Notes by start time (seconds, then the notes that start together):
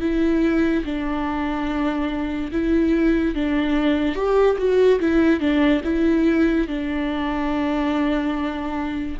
0.00 E4
0.84 D4
2.52 E4
3.34 D4
4.15 G4
4.58 F#4
5.00 E4
5.39 D4
5.84 E4
6.67 D4